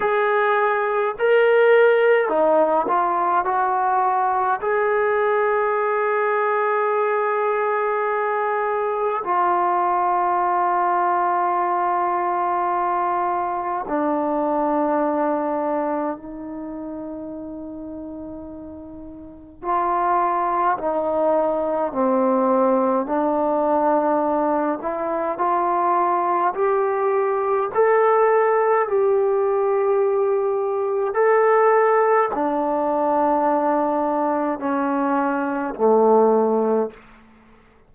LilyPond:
\new Staff \with { instrumentName = "trombone" } { \time 4/4 \tempo 4 = 52 gis'4 ais'4 dis'8 f'8 fis'4 | gis'1 | f'1 | d'2 dis'2~ |
dis'4 f'4 dis'4 c'4 | d'4. e'8 f'4 g'4 | a'4 g'2 a'4 | d'2 cis'4 a4 | }